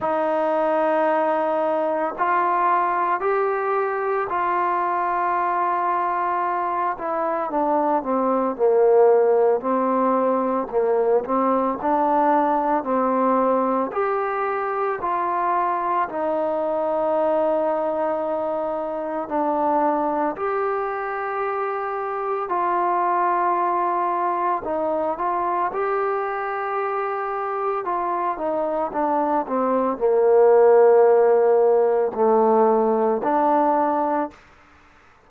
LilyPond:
\new Staff \with { instrumentName = "trombone" } { \time 4/4 \tempo 4 = 56 dis'2 f'4 g'4 | f'2~ f'8 e'8 d'8 c'8 | ais4 c'4 ais8 c'8 d'4 | c'4 g'4 f'4 dis'4~ |
dis'2 d'4 g'4~ | g'4 f'2 dis'8 f'8 | g'2 f'8 dis'8 d'8 c'8 | ais2 a4 d'4 | }